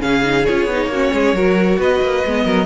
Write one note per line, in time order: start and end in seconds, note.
0.00 0.47 C#3
0.00 0.22 C#4
0.00 0.91 G#4
0.00 0.46 F5
0.23 0.46 D#4
0.46 0.66 C#4
0.46 0.70 F4
0.46 1.80 C#5
0.66 0.87 B3
0.66 0.93 D#4
0.87 1.09 A#3
0.87 1.14 F#4
0.93 1.36 C#4
1.13 1.33 G#3
1.13 1.36 G#4
1.33 1.78 F#3
1.33 2.25 F#4
1.33 1.79 A#4
1.79 2.01 B3
1.79 2.45 B4
1.79 2.66 D#5
2.02 2.24 A#3
2.25 2.46 G#3
2.25 2.66 B3
2.45 2.66 F#3
2.45 2.66 A#4